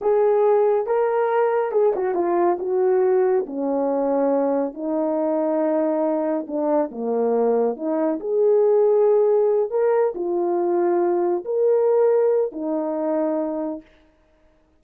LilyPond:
\new Staff \with { instrumentName = "horn" } { \time 4/4 \tempo 4 = 139 gis'2 ais'2 | gis'8 fis'8 f'4 fis'2 | cis'2. dis'4~ | dis'2. d'4 |
ais2 dis'4 gis'4~ | gis'2~ gis'8 ais'4 f'8~ | f'2~ f'8 ais'4.~ | ais'4 dis'2. | }